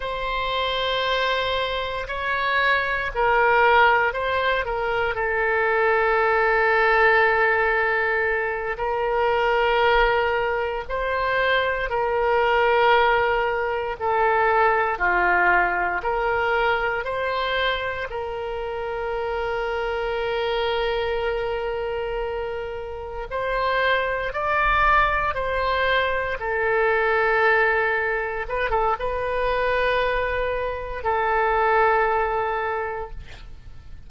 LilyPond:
\new Staff \with { instrumentName = "oboe" } { \time 4/4 \tempo 4 = 58 c''2 cis''4 ais'4 | c''8 ais'8 a'2.~ | a'8 ais'2 c''4 ais'8~ | ais'4. a'4 f'4 ais'8~ |
ais'8 c''4 ais'2~ ais'8~ | ais'2~ ais'8 c''4 d''8~ | d''8 c''4 a'2 b'16 a'16 | b'2 a'2 | }